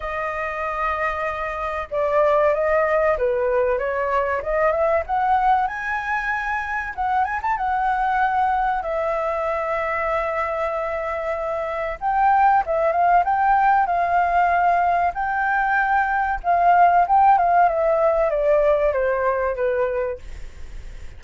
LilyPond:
\new Staff \with { instrumentName = "flute" } { \time 4/4 \tempo 4 = 95 dis''2. d''4 | dis''4 b'4 cis''4 dis''8 e''8 | fis''4 gis''2 fis''8 gis''16 a''16 | fis''2 e''2~ |
e''2. g''4 | e''8 f''8 g''4 f''2 | g''2 f''4 g''8 f''8 | e''4 d''4 c''4 b'4 | }